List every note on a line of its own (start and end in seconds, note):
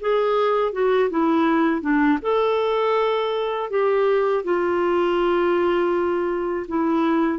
0.00 0.72 G#4
0.72 1.09 F#4
1.10 1.81 E4
1.81 2.18 D4
2.22 3.70 A4
3.70 4.44 G4
4.44 6.66 F4
6.68 7.39 E4